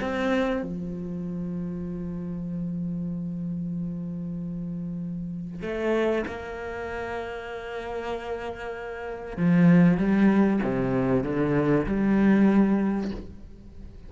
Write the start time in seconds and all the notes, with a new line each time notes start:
0.00 C4
0.63 F3
5.62 A3
6.27 A#3
9.37 F3
9.97 G3
10.63 C3
11.23 D3
11.86 G3